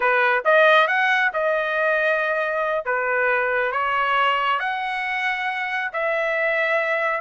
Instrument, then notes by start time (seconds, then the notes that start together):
trumpet
0.00 B4
0.44 D#5
0.87 F#5
1.33 D#5
2.85 B4
3.72 C#5
4.59 F#5
5.92 E5